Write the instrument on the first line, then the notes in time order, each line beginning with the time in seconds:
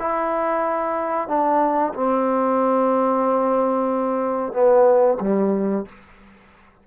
trombone
0.00 E4
1.28 D4
1.94 C4
4.53 B3
5.21 G3